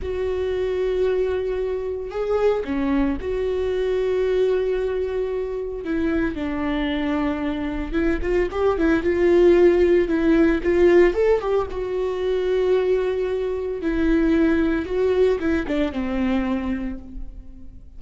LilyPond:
\new Staff \with { instrumentName = "viola" } { \time 4/4 \tempo 4 = 113 fis'1 | gis'4 cis'4 fis'2~ | fis'2. e'4 | d'2. e'8 f'8 |
g'8 e'8 f'2 e'4 | f'4 a'8 g'8 fis'2~ | fis'2 e'2 | fis'4 e'8 d'8 c'2 | }